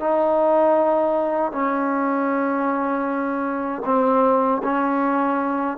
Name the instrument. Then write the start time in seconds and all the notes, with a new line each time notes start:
trombone
0.00 D#4
1.52 C#4
3.85 C4
4.64 C#4